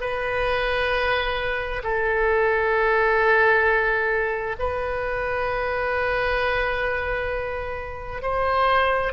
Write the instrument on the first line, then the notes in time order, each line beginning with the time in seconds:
oboe
0.00 B4
1.83 A4
4.59 B4
8.22 C5